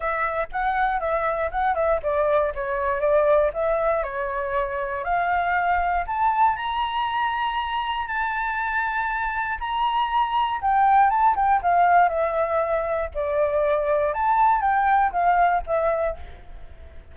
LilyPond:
\new Staff \with { instrumentName = "flute" } { \time 4/4 \tempo 4 = 119 e''4 fis''4 e''4 fis''8 e''8 | d''4 cis''4 d''4 e''4 | cis''2 f''2 | a''4 ais''2. |
a''2. ais''4~ | ais''4 g''4 a''8 g''8 f''4 | e''2 d''2 | a''4 g''4 f''4 e''4 | }